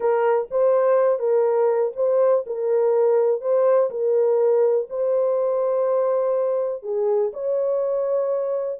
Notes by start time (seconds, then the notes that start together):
0.00 A#4
0.50 C5
1.19 A#4
1.96 C5
2.46 A#4
3.41 C5
3.90 A#4
4.89 C5
6.82 G#4
7.33 C#5